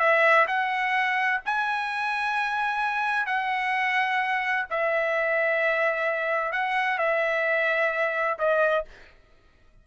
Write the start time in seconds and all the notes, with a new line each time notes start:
0.00 E5
0.48 F#5
1.46 G#5
3.27 F#5
4.71 E5
6.53 F#5
6.99 E5
8.39 D#5